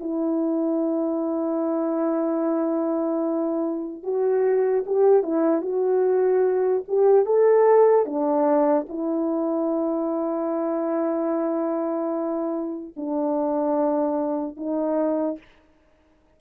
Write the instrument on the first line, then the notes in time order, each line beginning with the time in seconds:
horn
0.00 E4
4.03 F#4
4.86 G4
5.23 E4
5.62 F#4
6.88 G4
7.25 A4
8.05 D4
8.89 E4
12.96 D4
14.57 D#4